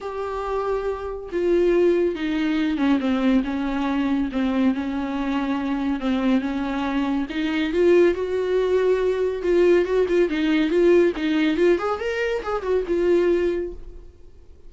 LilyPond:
\new Staff \with { instrumentName = "viola" } { \time 4/4 \tempo 4 = 140 g'2. f'4~ | f'4 dis'4. cis'8 c'4 | cis'2 c'4 cis'4~ | cis'2 c'4 cis'4~ |
cis'4 dis'4 f'4 fis'4~ | fis'2 f'4 fis'8 f'8 | dis'4 f'4 dis'4 f'8 gis'8 | ais'4 gis'8 fis'8 f'2 | }